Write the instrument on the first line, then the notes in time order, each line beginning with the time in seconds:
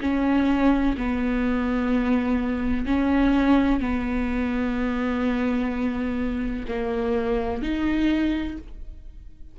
viola
0.00 C#4
0.97 B3
2.85 C#4
3.80 B3
6.68 A#3
7.62 D#4